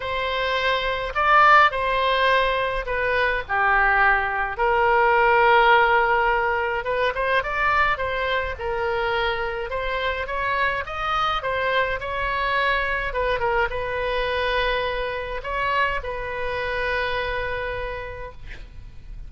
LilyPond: \new Staff \with { instrumentName = "oboe" } { \time 4/4 \tempo 4 = 105 c''2 d''4 c''4~ | c''4 b'4 g'2 | ais'1 | b'8 c''8 d''4 c''4 ais'4~ |
ais'4 c''4 cis''4 dis''4 | c''4 cis''2 b'8 ais'8 | b'2. cis''4 | b'1 | }